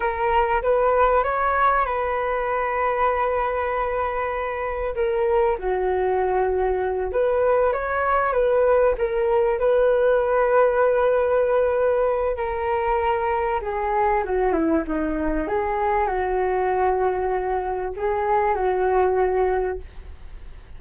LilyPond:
\new Staff \with { instrumentName = "flute" } { \time 4/4 \tempo 4 = 97 ais'4 b'4 cis''4 b'4~ | b'1 | ais'4 fis'2~ fis'8 b'8~ | b'8 cis''4 b'4 ais'4 b'8~ |
b'1 | ais'2 gis'4 fis'8 e'8 | dis'4 gis'4 fis'2~ | fis'4 gis'4 fis'2 | }